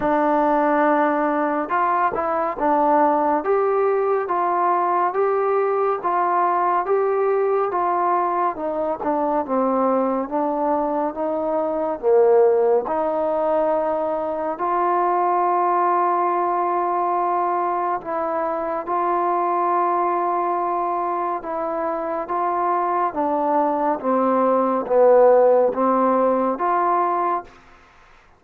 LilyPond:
\new Staff \with { instrumentName = "trombone" } { \time 4/4 \tempo 4 = 70 d'2 f'8 e'8 d'4 | g'4 f'4 g'4 f'4 | g'4 f'4 dis'8 d'8 c'4 | d'4 dis'4 ais4 dis'4~ |
dis'4 f'2.~ | f'4 e'4 f'2~ | f'4 e'4 f'4 d'4 | c'4 b4 c'4 f'4 | }